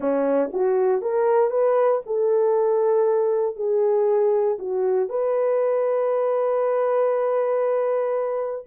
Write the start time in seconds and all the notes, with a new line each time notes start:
0.00 C#4
0.52 F#4
1.01 A#4
1.50 B4
2.05 A4
3.55 G#4
4.59 F#4
5.09 B4